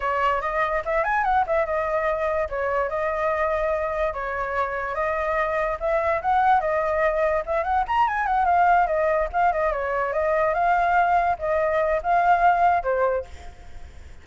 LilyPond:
\new Staff \with { instrumentName = "flute" } { \time 4/4 \tempo 4 = 145 cis''4 dis''4 e''8 gis''8 fis''8 e''8 | dis''2 cis''4 dis''4~ | dis''2 cis''2 | dis''2 e''4 fis''4 |
dis''2 e''8 fis''8 ais''8 gis''8 | fis''8 f''4 dis''4 f''8 dis''8 cis''8~ | cis''8 dis''4 f''2 dis''8~ | dis''4 f''2 c''4 | }